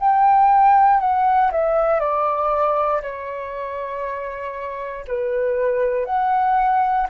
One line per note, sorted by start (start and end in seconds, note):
0.00 1.00 G5
1.00 1.51 F#5
1.52 2.00 E5
2.00 3.02 D5
3.02 5.05 C#5
5.08 6.06 B4
6.06 7.07 F#5